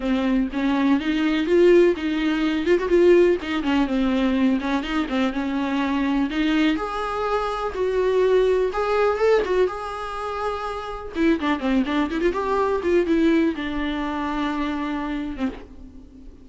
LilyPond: \new Staff \with { instrumentName = "viola" } { \time 4/4 \tempo 4 = 124 c'4 cis'4 dis'4 f'4 | dis'4. f'16 fis'16 f'4 dis'8 cis'8 | c'4. cis'8 dis'8 c'8 cis'4~ | cis'4 dis'4 gis'2 |
fis'2 gis'4 a'8 fis'8 | gis'2. e'8 d'8 | c'8 d'8 e'16 f'16 g'4 f'8 e'4 | d'2.~ d'8. c'16 | }